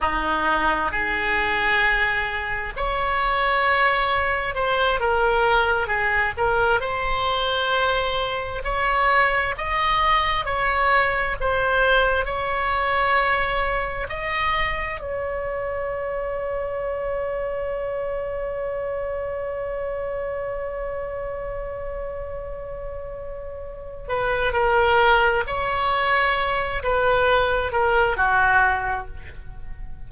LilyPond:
\new Staff \with { instrumentName = "oboe" } { \time 4/4 \tempo 4 = 66 dis'4 gis'2 cis''4~ | cis''4 c''8 ais'4 gis'8 ais'8 c''8~ | c''4. cis''4 dis''4 cis''8~ | cis''8 c''4 cis''2 dis''8~ |
dis''8 cis''2.~ cis''8~ | cis''1~ | cis''2~ cis''8 b'8 ais'4 | cis''4. b'4 ais'8 fis'4 | }